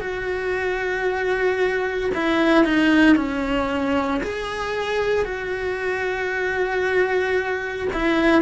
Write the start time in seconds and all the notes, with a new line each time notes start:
0.00 F#4
2.14 E4
2.65 D#4
3.16 C#4
4.23 G#4
5.24 F#4
7.93 E4